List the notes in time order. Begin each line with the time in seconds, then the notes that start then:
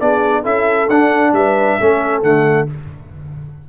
0.00 B3 D4 G#4 D5
0.43 C#4 E4 A4 E5
0.88 D4 F#5
1.32 G3 B4 E5
1.80 A3 C#4 A4
2.22 D3 A3 F#5